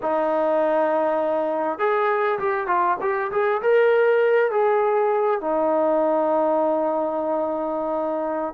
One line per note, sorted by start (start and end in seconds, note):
0.02 1.78 D#4
1.78 2.38 G#4
2.39 2.67 G4
2.67 2.97 F4
3.01 3.31 G4
3.31 3.61 G#4
3.62 4.51 A#4
4.51 5.41 G#4
5.41 8.54 D#4